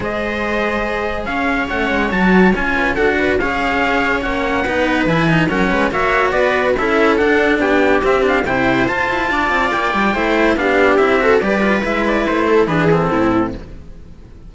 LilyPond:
<<
  \new Staff \with { instrumentName = "trumpet" } { \time 4/4 \tempo 4 = 142 dis''2. f''4 | fis''4 a''4 gis''4 fis''4 | f''2 fis''2 | gis''4 fis''4 e''4 d''4 |
e''4 fis''4 g''4 e''8 f''8 | g''4 a''2 g''4~ | g''4 f''4 e''4 d''4 | e''8 d''8 c''4 b'8 a'4. | }
  \new Staff \with { instrumentName = "viola" } { \time 4/4 c''2. cis''4~ | cis''2~ cis''8 b'8 a'8 b'8 | cis''2. b'4~ | b'4 ais'8 b'8 cis''4 b'4 |
a'2 g'2 | c''2 d''2 | c''4 g'4. a'8 b'4~ | b'4. a'8 gis'4 e'4 | }
  \new Staff \with { instrumentName = "cello" } { \time 4/4 gis'1 | cis'4 fis'4 f'4 fis'4 | gis'2 cis'4 dis'4 | e'8 dis'8 cis'4 fis'2 |
e'4 d'2 c'8 d'8 | e'4 f'2. | e'4 d'4 e'8 fis'8 g'8 f'8 | e'2 d'8 c'4. | }
  \new Staff \with { instrumentName = "cello" } { \time 4/4 gis2. cis'4 | a8 gis8 fis4 cis'4 d'4 | cis'2 ais4 b4 | e4 fis8 gis8 ais4 b4 |
cis'4 d'4 b4 c'4 | c4 f'8 e'8 d'8 c'8 ais8 g8 | a4 b4 c'4 g4 | gis4 a4 e4 a,4 | }
>>